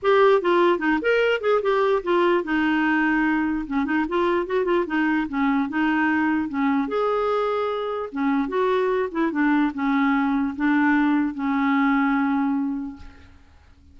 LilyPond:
\new Staff \with { instrumentName = "clarinet" } { \time 4/4 \tempo 4 = 148 g'4 f'4 dis'8 ais'4 gis'8 | g'4 f'4 dis'2~ | dis'4 cis'8 dis'8 f'4 fis'8 f'8 | dis'4 cis'4 dis'2 |
cis'4 gis'2. | cis'4 fis'4. e'8 d'4 | cis'2 d'2 | cis'1 | }